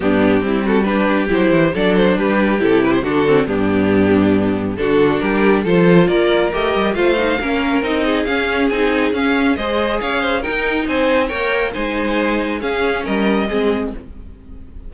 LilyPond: <<
  \new Staff \with { instrumentName = "violin" } { \time 4/4 \tempo 4 = 138 g'4. a'8 b'4 c''4 | d''8 c''8 b'4 a'8 b'16 c''16 a'4 | g'2. a'4 | ais'4 c''4 d''4 dis''4 |
f''2 dis''4 f''4 | gis''4 f''4 dis''4 f''4 | g''4 gis''4 g''4 gis''4~ | gis''4 f''4 dis''2 | }
  \new Staff \with { instrumentName = "violin" } { \time 4/4 d'4 e'8 fis'8 g'2 | a'4 g'2 fis'4 | d'2. fis'4 | g'4 a'4 ais'2 |
c''4 ais'4. gis'4.~ | gis'2 c''4 cis''8 c''8 | ais'4 c''4 cis''4 c''4~ | c''4 gis'4 ais'4 gis'4 | }
  \new Staff \with { instrumentName = "viola" } { \time 4/4 b4 c'4 d'4 e'4 | d'2 e'4 d'8 c'8 | b2. d'4~ | d'4 f'2 g'4 |
f'8 dis'8 cis'4 dis'4 cis'4 | dis'4 cis'4 gis'2 | dis'2 ais'4 dis'4~ | dis'4 cis'2 c'4 | }
  \new Staff \with { instrumentName = "cello" } { \time 4/4 g,4 g2 fis8 e8 | fis4 g4 c4 d4 | g,2. d4 | g4 f4 ais4 a8 g8 |
a4 ais4 c'4 cis'4 | c'4 cis'4 gis4 cis'4 | dis'4 c'4 ais4 gis4~ | gis4 cis'4 g4 gis4 | }
>>